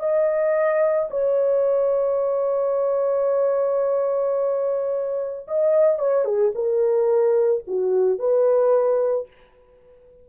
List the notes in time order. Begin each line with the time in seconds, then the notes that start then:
0.00 D#5
1.11 C#5
5.48 D#5
5.99 C#5
6.25 G#4
6.55 A#4
7.68 F#4
8.19 B4